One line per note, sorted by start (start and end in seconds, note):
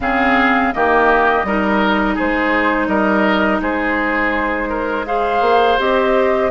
0.00 0.72 C#3
0.00 0.73 C4
0.00 0.74 G#4
0.00 0.73 F5
0.73 1.43 D#3
0.73 1.45 A#3
0.73 1.46 G4
0.73 2.17 D#5
1.43 2.16 G3
1.43 5.06 D#4
1.43 2.14 A#4
2.14 2.87 G#3
2.14 2.87 G#4
2.14 2.87 C5
2.87 3.60 G3
2.87 3.61 A#4
2.87 3.59 D#5
3.60 5.41 G#3
3.60 4.69 G#4
3.60 5.06 C5
4.69 5.05 A#4
5.06 5.78 G#4
5.06 6.50 C5
5.06 5.78 F5
5.41 5.77 A#3
5.78 6.50 C4
5.78 6.50 G4
5.78 6.50 D#5